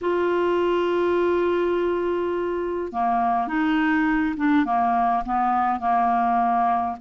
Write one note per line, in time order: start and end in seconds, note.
0.01 2.92 F4
2.92 3.47 A#3
3.47 4.35 D#4
4.36 4.65 D4
4.65 5.23 A#3
5.25 5.79 B3
5.79 6.96 A#3